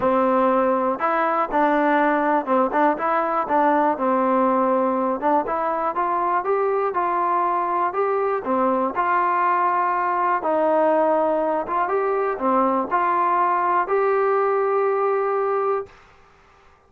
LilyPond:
\new Staff \with { instrumentName = "trombone" } { \time 4/4 \tempo 4 = 121 c'2 e'4 d'4~ | d'4 c'8 d'8 e'4 d'4 | c'2~ c'8 d'8 e'4 | f'4 g'4 f'2 |
g'4 c'4 f'2~ | f'4 dis'2~ dis'8 f'8 | g'4 c'4 f'2 | g'1 | }